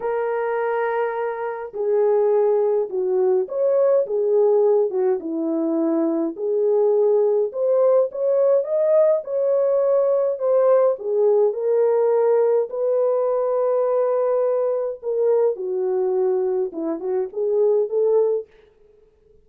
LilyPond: \new Staff \with { instrumentName = "horn" } { \time 4/4 \tempo 4 = 104 ais'2. gis'4~ | gis'4 fis'4 cis''4 gis'4~ | gis'8 fis'8 e'2 gis'4~ | gis'4 c''4 cis''4 dis''4 |
cis''2 c''4 gis'4 | ais'2 b'2~ | b'2 ais'4 fis'4~ | fis'4 e'8 fis'8 gis'4 a'4 | }